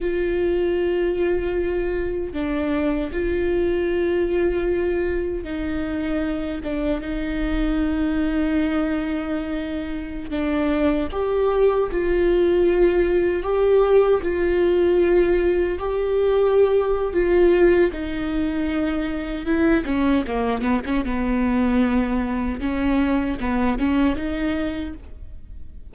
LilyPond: \new Staff \with { instrumentName = "viola" } { \time 4/4 \tempo 4 = 77 f'2. d'4 | f'2. dis'4~ | dis'8 d'8 dis'2.~ | dis'4~ dis'16 d'4 g'4 f'8.~ |
f'4~ f'16 g'4 f'4.~ f'16~ | f'16 g'4.~ g'16 f'4 dis'4~ | dis'4 e'8 cis'8 ais8 b16 cis'16 b4~ | b4 cis'4 b8 cis'8 dis'4 | }